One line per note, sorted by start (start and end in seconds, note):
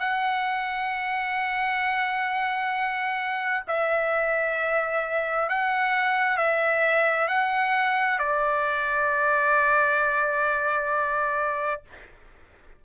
0.00 3.64 F#5
3.68 5.50 E5
5.50 6.38 F#5
6.38 7.29 E5
7.29 8.19 F#5
8.19 11.83 D5